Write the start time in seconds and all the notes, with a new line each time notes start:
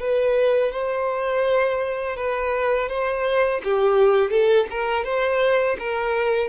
0.00 B4
0.72 C5
2.17 B4
2.89 C5
3.64 G4
4.31 A4
4.70 A#4
5.04 C5
5.79 A#4